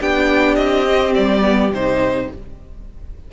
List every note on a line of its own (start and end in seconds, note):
0.00 0.57 B3
0.00 0.86 D4
0.00 2.31 G4
0.00 0.55 G5
0.55 1.14 C4
0.55 1.13 D#5
0.86 1.41 C4
1.14 1.70 G3
1.14 1.72 D5
1.41 1.70 B3
1.70 2.28 C3
1.70 2.32 D#4
1.70 2.31 C5